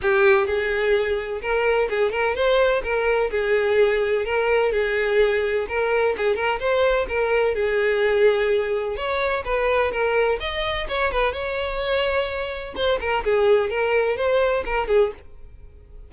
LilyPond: \new Staff \with { instrumentName = "violin" } { \time 4/4 \tempo 4 = 127 g'4 gis'2 ais'4 | gis'8 ais'8 c''4 ais'4 gis'4~ | gis'4 ais'4 gis'2 | ais'4 gis'8 ais'8 c''4 ais'4 |
gis'2. cis''4 | b'4 ais'4 dis''4 cis''8 b'8 | cis''2. c''8 ais'8 | gis'4 ais'4 c''4 ais'8 gis'8 | }